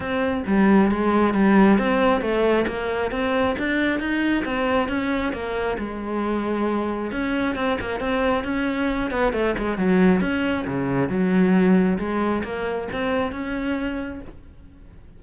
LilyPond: \new Staff \with { instrumentName = "cello" } { \time 4/4 \tempo 4 = 135 c'4 g4 gis4 g4 | c'4 a4 ais4 c'4 | d'4 dis'4 c'4 cis'4 | ais4 gis2. |
cis'4 c'8 ais8 c'4 cis'4~ | cis'8 b8 a8 gis8 fis4 cis'4 | cis4 fis2 gis4 | ais4 c'4 cis'2 | }